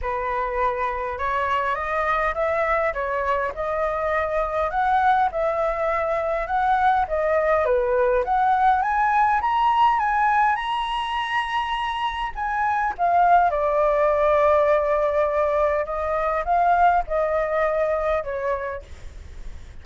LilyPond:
\new Staff \with { instrumentName = "flute" } { \time 4/4 \tempo 4 = 102 b'2 cis''4 dis''4 | e''4 cis''4 dis''2 | fis''4 e''2 fis''4 | dis''4 b'4 fis''4 gis''4 |
ais''4 gis''4 ais''2~ | ais''4 gis''4 f''4 d''4~ | d''2. dis''4 | f''4 dis''2 cis''4 | }